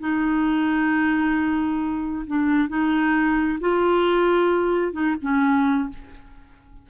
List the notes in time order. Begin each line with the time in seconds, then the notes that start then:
0.00 D#4
2.27 D4
2.69 D#4
3.60 F4
4.93 D#4
5.22 C#4